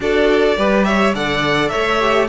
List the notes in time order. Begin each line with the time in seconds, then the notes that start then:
0.00 D4 F#4 A4 D5
0.57 G3 G4 B4
0.84 C#5 E5
1.14 D3 A4 D5 F#5
1.69 A3 C#5 E5
2.00 G4